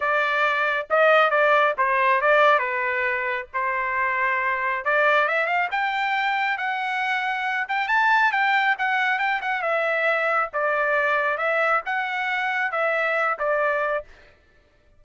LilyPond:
\new Staff \with { instrumentName = "trumpet" } { \time 4/4 \tempo 4 = 137 d''2 dis''4 d''4 | c''4 d''4 b'2 | c''2. d''4 | e''8 f''8 g''2 fis''4~ |
fis''4. g''8 a''4 g''4 | fis''4 g''8 fis''8 e''2 | d''2 e''4 fis''4~ | fis''4 e''4. d''4. | }